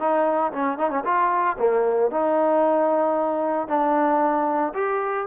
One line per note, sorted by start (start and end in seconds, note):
0.00 0.53 D#4
0.53 0.78 C#4
0.78 0.91 D#4
0.91 1.04 C#4
1.05 1.57 F4
1.59 2.11 A#3
2.11 3.68 D#4
3.68 4.74 D4
4.74 5.27 G4